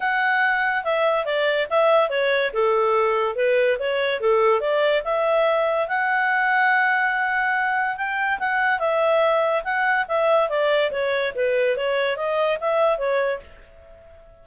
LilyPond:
\new Staff \with { instrumentName = "clarinet" } { \time 4/4 \tempo 4 = 143 fis''2 e''4 d''4 | e''4 cis''4 a'2 | b'4 cis''4 a'4 d''4 | e''2 fis''2~ |
fis''2. g''4 | fis''4 e''2 fis''4 | e''4 d''4 cis''4 b'4 | cis''4 dis''4 e''4 cis''4 | }